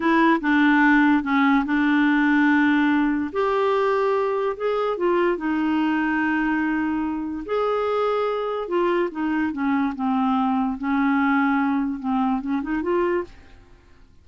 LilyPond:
\new Staff \with { instrumentName = "clarinet" } { \time 4/4 \tempo 4 = 145 e'4 d'2 cis'4 | d'1 | g'2. gis'4 | f'4 dis'2.~ |
dis'2 gis'2~ | gis'4 f'4 dis'4 cis'4 | c'2 cis'2~ | cis'4 c'4 cis'8 dis'8 f'4 | }